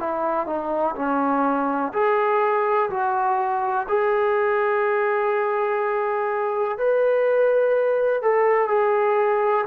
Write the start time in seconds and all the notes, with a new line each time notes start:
0.00 E4
0.47 D#4
0.96 C#4
1.94 G#4
2.90 F#4
3.89 G#4
6.78 B4
8.23 A4
8.68 G#4